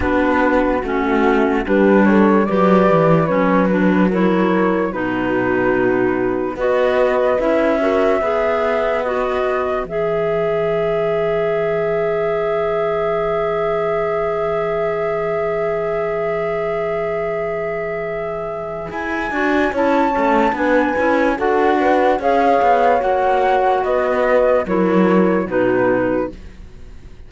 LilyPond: <<
  \new Staff \with { instrumentName = "flute" } { \time 4/4 \tempo 4 = 73 b'4 fis'4 b'8 cis''8 d''4 | cis''8 b'8 cis''4 b'2 | dis''4 e''2 dis''4 | e''1~ |
e''1~ | e''2. gis''4 | a''4 gis''4 fis''4 f''4 | fis''4 dis''4 cis''4 b'4 | }
  \new Staff \with { instrumentName = "horn" } { \time 4/4 fis'2 g'8 a'8 b'4~ | b'4 ais'4 fis'2 | b'4. ais'8 b'2~ | b'1~ |
b'1~ | b'1 | cis''4 b'4 a'8 b'8 cis''4~ | cis''4 b'4 ais'4 fis'4 | }
  \new Staff \with { instrumentName = "clarinet" } { \time 4/4 d'4 cis'4 d'4 g'4 | cis'8 d'8 e'4 dis'2 | fis'4 e'8 fis'8 gis'4 fis'4 | gis'1~ |
gis'1~ | gis'2.~ gis'8 fis'8 | e'8 cis'8 d'8 e'8 fis'4 gis'4 | fis'2 e'4 dis'4 | }
  \new Staff \with { instrumentName = "cello" } { \time 4/4 b4 a4 g4 fis8 e8 | fis2 b,2 | b4 cis'4 b2 | e1~ |
e1~ | e2. e'8 d'8 | cis'8 a8 b8 cis'8 d'4 cis'8 b8 | ais4 b4 fis4 b,4 | }
>>